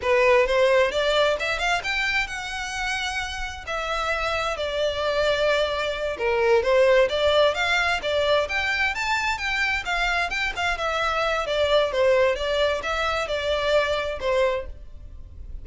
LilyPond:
\new Staff \with { instrumentName = "violin" } { \time 4/4 \tempo 4 = 131 b'4 c''4 d''4 e''8 f''8 | g''4 fis''2. | e''2 d''2~ | d''4. ais'4 c''4 d''8~ |
d''8 f''4 d''4 g''4 a''8~ | a''8 g''4 f''4 g''8 f''8 e''8~ | e''4 d''4 c''4 d''4 | e''4 d''2 c''4 | }